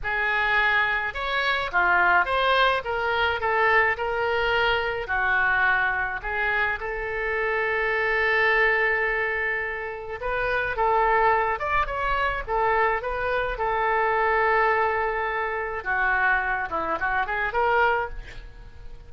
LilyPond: \new Staff \with { instrumentName = "oboe" } { \time 4/4 \tempo 4 = 106 gis'2 cis''4 f'4 | c''4 ais'4 a'4 ais'4~ | ais'4 fis'2 gis'4 | a'1~ |
a'2 b'4 a'4~ | a'8 d''8 cis''4 a'4 b'4 | a'1 | fis'4. e'8 fis'8 gis'8 ais'4 | }